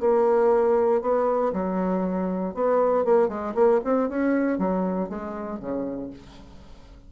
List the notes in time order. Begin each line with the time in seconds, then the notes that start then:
0.00 A#3
1.02 B3
1.53 F#3
2.54 B3
3.05 A#3
3.28 G#3
3.55 A#3
3.84 C4
4.09 C#4
4.58 F#3
5.09 G#3
5.60 C#3